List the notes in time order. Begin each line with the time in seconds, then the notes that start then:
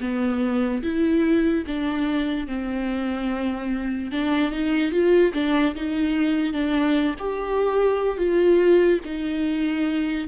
0.00 B3
0.83 E4
1.67 D4
2.47 C4
4.12 D4
4.51 D#4
4.91 F4
5.33 D4
5.75 D#4
6.53 D4
7.19 G4
8.17 F4
9.04 D#4